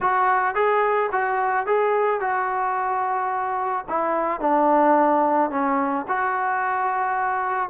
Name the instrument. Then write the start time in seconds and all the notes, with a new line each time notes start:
trombone
0.00 F#4
0.55 G#4
1.12 F#4
1.66 G#4
2.20 F#4
3.88 E4
4.40 D4
5.50 C#4
6.08 F#4